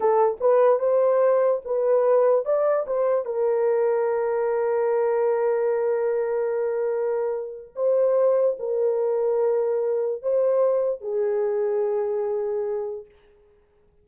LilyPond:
\new Staff \with { instrumentName = "horn" } { \time 4/4 \tempo 4 = 147 a'4 b'4 c''2 | b'2 d''4 c''4 | ais'1~ | ais'1~ |
ais'2. c''4~ | c''4 ais'2.~ | ais'4 c''2 gis'4~ | gis'1 | }